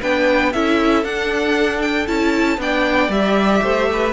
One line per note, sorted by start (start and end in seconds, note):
0.00 0.54 B3
0.00 0.53 D4
0.00 0.52 B4
0.00 0.52 G5
0.52 1.04 C#4
0.52 1.04 E4
0.52 2.61 A4
0.52 1.04 E5
1.04 2.07 D4
1.04 2.06 D4
1.04 1.81 F#5
1.81 2.07 G5
2.06 2.58 C#4
2.06 2.58 E4
2.06 2.59 A5
2.58 3.09 B3
2.58 3.10 D4
2.58 3.63 D5
2.58 3.11 G5
3.09 3.60 G3
3.09 4.12 G4
3.09 4.12 E5
3.62 4.12 A3
3.62 3.89 C5
3.92 4.12 B4